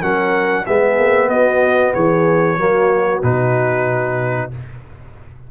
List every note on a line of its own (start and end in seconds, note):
0.00 0.65 F#3
0.00 0.65 C#4
0.00 0.64 A#4
0.00 0.65 F#5
0.66 0.98 G#3
0.66 2.58 B3
0.66 1.29 G#4
0.66 1.29 E5
0.98 1.28 A#3
1.28 1.92 B3
1.28 1.94 F#4
1.28 1.93 D#5
1.94 2.57 E3
1.94 2.58 G#4
1.94 3.21 C#5
2.57 3.21 F#3
2.57 3.22 A#3
2.57 4.50 F#4
3.22 4.50 B2
3.22 4.51 D#4
3.22 4.50 B4